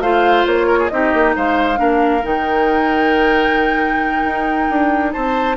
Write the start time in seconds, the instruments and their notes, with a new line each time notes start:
0.00 bassoon A3, clarinet F4, oboe C5, flute F5
0.46 bassoon A#3, flute C#5
0.68 oboe A#4
0.80 oboe G#4
0.89 bassoon C4, clarinet D#4, oboe G4, flute D#5
1.14 bassoon A#3
1.36 bassoon G#3, oboe C5, flute F5
1.77 bassoon A#3, clarinet D4, oboe A#4
2.24 bassoon D#3, clarinet D#4, flute G5
4.24 bassoon D#4
4.70 bassoon D4
5.13 bassoon C4, oboe C5, flute A5